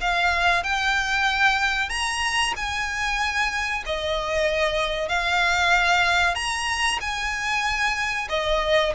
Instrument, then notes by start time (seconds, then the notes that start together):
violin
0.00 F5
0.63 G5
1.89 A#5
2.56 G#5
3.86 D#5
5.08 F5
6.35 A#5
7.00 G#5
8.29 D#5